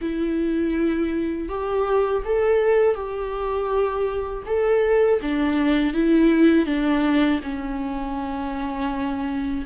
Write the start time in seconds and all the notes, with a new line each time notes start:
0.01 E4
1.48 G4
2.25 A4
2.95 G4
4.45 A4
5.21 D4
5.93 E4
6.66 D4
7.43 C#4